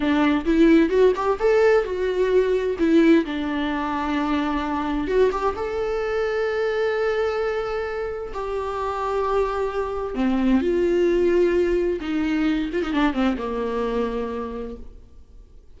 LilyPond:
\new Staff \with { instrumentName = "viola" } { \time 4/4 \tempo 4 = 130 d'4 e'4 fis'8 g'8 a'4 | fis'2 e'4 d'4~ | d'2. fis'8 g'8 | a'1~ |
a'2 g'2~ | g'2 c'4 f'4~ | f'2 dis'4. f'16 dis'16 | d'8 c'8 ais2. | }